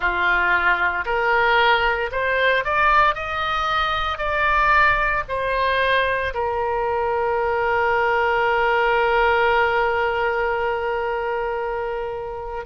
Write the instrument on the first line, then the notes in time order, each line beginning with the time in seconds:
oboe
0.00 F4
1.05 A#4
2.11 C5
2.64 D5
3.14 D#5
4.18 D5
5.28 C5
6.33 A#4